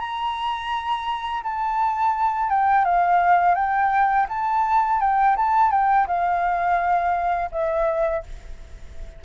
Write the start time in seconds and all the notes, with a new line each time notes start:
0.00 A#5
1.44 A5
2.50 G5
2.85 F5
3.55 G5
4.29 A5
5.01 G5
5.37 A5
5.71 G5
6.07 F5
7.52 E5